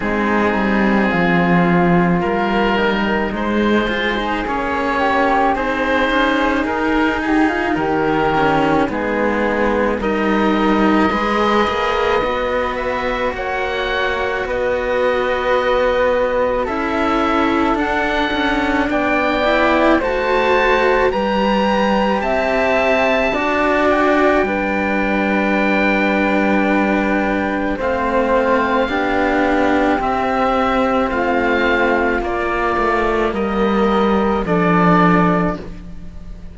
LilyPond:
<<
  \new Staff \with { instrumentName = "oboe" } { \time 4/4 \tempo 4 = 54 gis'2 ais'4 c''4 | cis''4 c''4 ais'8 gis'8 ais'4 | gis'4 dis''2~ dis''8 e''8 | fis''4 dis''2 e''4 |
fis''4 g''4 a''4 ais''4 | a''4. g''2~ g''8~ | g''4 f''2 e''4 | f''4 d''4 dis''4 d''4 | }
  \new Staff \with { instrumentName = "flute" } { \time 4/4 dis'4 f'4. dis'4 gis'8~ | gis'8 g'8 gis'4. g'16 f'16 g'4 | dis'4 ais'4 b'2 | cis''4 b'2 a'4~ |
a'4 d''4 c''4 b'4 | e''4 d''4 b'2~ | b'4 c''4 g'2 | f'2 ais'4 a'4 | }
  \new Staff \with { instrumentName = "cello" } { \time 4/4 c'2 ais4 gis8 f'16 dis'16 | cis'4 dis'2~ dis'8 cis'8 | b4 dis'4 gis'4 fis'4~ | fis'2. e'4 |
d'4. e'8 fis'4 g'4~ | g'4 fis'4 d'2~ | d'4 c'4 d'4 c'4~ | c'4 ais2 d'4 | }
  \new Staff \with { instrumentName = "cello" } { \time 4/4 gis8 g8 f4 g4 gis4 | ais4 c'8 cis'8 dis'4 dis4 | gis4 g4 gis8 ais8 b4 | ais4 b2 cis'4 |
d'8 cis'8 b4 a4 g4 | c'4 d'4 g2~ | g4 a4 b4 c'4 | a4 ais8 a8 g4 f4 | }
>>